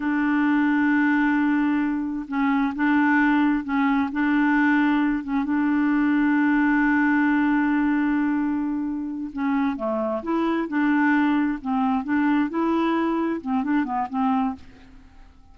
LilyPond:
\new Staff \with { instrumentName = "clarinet" } { \time 4/4 \tempo 4 = 132 d'1~ | d'4 cis'4 d'2 | cis'4 d'2~ d'8 cis'8 | d'1~ |
d'1~ | d'8 cis'4 a4 e'4 d'8~ | d'4. c'4 d'4 e'8~ | e'4. c'8 d'8 b8 c'4 | }